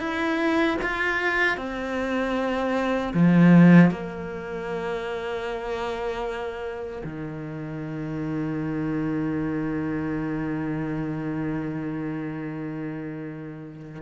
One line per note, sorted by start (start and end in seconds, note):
0.00 0.78 E4
0.83 1.58 F4
1.58 3.14 C4
3.14 3.91 F3
3.91 7.03 A#3
7.04 14.02 D#3